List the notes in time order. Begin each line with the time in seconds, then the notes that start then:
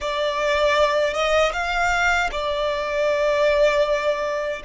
0.00 D5
1.13 D#5
1.52 F5
2.31 D5